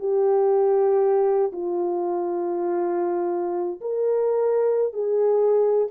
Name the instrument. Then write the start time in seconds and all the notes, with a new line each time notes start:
horn
0.00 G4
1.53 F4
3.81 A#4
4.93 G#4